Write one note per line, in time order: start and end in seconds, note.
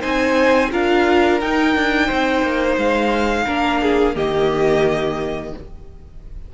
0.00 0.72 C4
0.00 0.70 D#4
0.00 0.69 C5
0.00 0.70 G#5
0.71 1.41 D4
0.71 1.40 F4
0.71 2.06 A#4
0.71 1.40 F5
1.40 1.75 D#4
1.40 3.46 D#4
1.40 2.78 G5
1.75 2.09 D4
2.06 2.42 C4
2.06 3.44 C5
2.42 2.76 A#3
2.76 3.45 G#3
2.76 4.16 F5
3.46 4.15 A#3
3.46 4.14 D4
3.46 3.81 A#4
3.81 4.15 G#4
4.14 5.53 D#3
4.14 5.52 A#3
4.14 5.53 G4
4.14 5.54 D#5